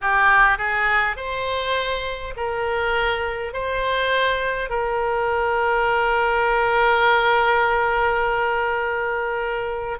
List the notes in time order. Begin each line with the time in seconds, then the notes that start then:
0.01 G4
0.57 G#4
1.16 C5
2.36 A#4
3.53 C5
4.69 A#4